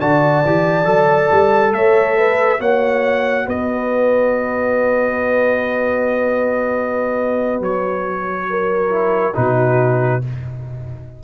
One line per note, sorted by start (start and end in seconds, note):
0.00 0.44 D3
0.00 0.44 F#4
0.00 1.74 D5
0.00 1.73 A5
0.45 0.86 E3
0.45 0.85 G4
0.85 1.29 F#3
0.85 2.58 A4
1.31 1.72 G3
1.72 2.59 A3
1.72 2.17 C#5
1.72 2.60 E5
2.17 2.60 B4
2.58 3.46 A#3
2.58 8.89 F#4
2.58 3.46 C#5
2.58 3.48 F#5
3.46 7.60 B3
3.46 8.46 B4
3.46 7.62 D#5
7.60 9.34 F#3
7.60 9.36 C#5
8.50 9.35 A#4
8.89 9.33 E4
9.34 10.23 B2
9.34 10.21 D#4
9.34 10.22 F#4
9.34 10.22 B4